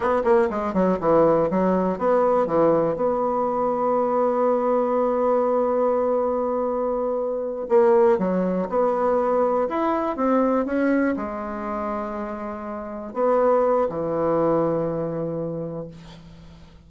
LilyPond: \new Staff \with { instrumentName = "bassoon" } { \time 4/4 \tempo 4 = 121 b8 ais8 gis8 fis8 e4 fis4 | b4 e4 b2~ | b1~ | b2.~ b8 ais8~ |
ais8 fis4 b2 e'8~ | e'8 c'4 cis'4 gis4.~ | gis2~ gis8 b4. | e1 | }